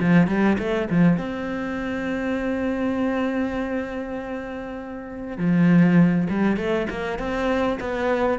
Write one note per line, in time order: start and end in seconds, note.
0.00 0.27 F3
0.27 0.57 G3
0.59 0.89 A3
0.90 1.18 F3
1.18 5.38 C4
5.38 6.28 F3
6.30 6.57 G3
6.57 6.87 A3
6.90 7.19 A#3
7.19 7.79 C4
7.80 8.39 B3